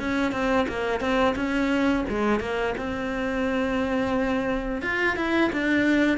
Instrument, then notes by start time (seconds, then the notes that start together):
cello
0.00 C#4
0.32 C4
0.68 A#3
1.01 C4
1.36 C#4
2.09 G#3
2.40 A#3
2.77 C4
4.82 F4
5.16 E4
5.52 D4